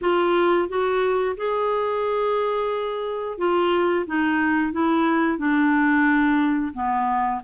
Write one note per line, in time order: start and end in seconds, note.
0.01 0.68 F4
0.68 1.36 F#4
1.36 3.38 G#4
3.38 4.05 F4
4.06 4.72 D#4
4.72 5.37 E4
5.37 6.72 D4
6.73 7.41 B3